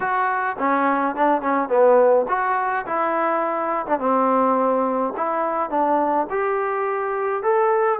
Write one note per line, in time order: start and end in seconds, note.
0.00 0.56 F#4
0.58 1.15 C#4
1.15 1.41 D4
1.41 1.69 C#4
1.69 2.26 B3
2.28 2.85 F#4
2.85 3.85 E4
3.86 3.99 D4
3.99 5.13 C4
5.17 5.70 E4
5.70 6.27 D4
6.30 7.42 G4
7.42 7.99 A4